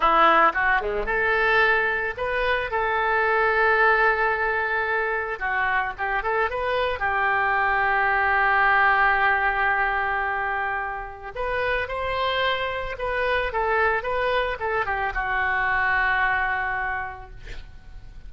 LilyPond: \new Staff \with { instrumentName = "oboe" } { \time 4/4 \tempo 4 = 111 e'4 fis'8 gis8 a'2 | b'4 a'2.~ | a'2 fis'4 g'8 a'8 | b'4 g'2.~ |
g'1~ | g'4 b'4 c''2 | b'4 a'4 b'4 a'8 g'8 | fis'1 | }